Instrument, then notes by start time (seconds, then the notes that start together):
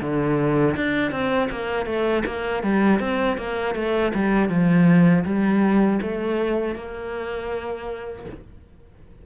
cello
0.00 D3
0.76 D4
1.11 C4
1.50 A#3
1.85 A3
2.25 A#3
2.62 G3
2.99 C4
3.37 A#3
3.75 A3
4.14 G3
4.49 F3
5.24 G3
6.01 A3
6.75 A#3